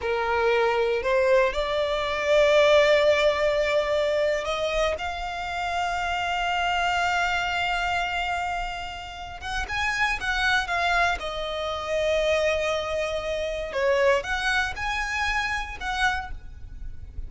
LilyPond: \new Staff \with { instrumentName = "violin" } { \time 4/4 \tempo 4 = 118 ais'2 c''4 d''4~ | d''1~ | d''8. dis''4 f''2~ f''16~ | f''1~ |
f''2~ f''8 fis''8 gis''4 | fis''4 f''4 dis''2~ | dis''2. cis''4 | fis''4 gis''2 fis''4 | }